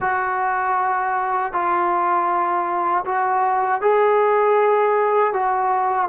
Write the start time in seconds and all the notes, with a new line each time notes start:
0.00 F#4
1.52 F4
3.05 F#4
3.81 G#4
5.33 F#4